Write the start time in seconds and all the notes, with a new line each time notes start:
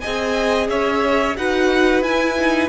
0.00 C4 G#4 D#5 G#5
0.69 C#4 C#5 E5
1.37 D#4 F#4 B4 F#5
2.02 E4 G#5
2.39 D#4